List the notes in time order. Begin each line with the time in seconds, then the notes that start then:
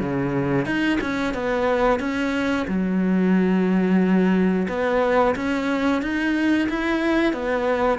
0.00 C#3
0.66 D#4
1.01 C#4
1.35 B3
2.00 C#4
2.68 F#3
4.69 B3
5.36 C#4
6.02 D#4
6.70 E4
7.34 B3